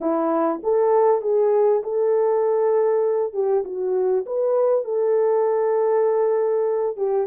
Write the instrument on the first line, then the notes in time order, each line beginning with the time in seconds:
horn
0.00 E4
0.63 A4
1.21 G#4
1.83 A4
3.33 G4
3.64 F#4
4.26 B4
4.84 A4
6.97 G4